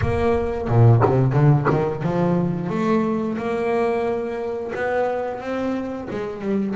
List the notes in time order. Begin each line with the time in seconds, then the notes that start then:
0.01 A#3
0.68 A#2
1.04 C3
1.32 D3
1.69 D#3
2.02 F3
2.69 A3
3.37 A#3
4.75 B3
5.40 C4
6.10 G#3
6.41 G3